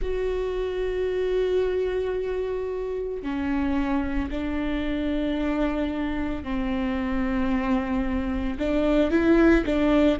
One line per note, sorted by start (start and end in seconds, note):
0.01 3.22 F#4
3.22 4.29 C#4
4.30 6.43 D4
6.43 8.58 C4
8.58 9.10 D4
9.10 9.64 E4
9.65 10.19 D4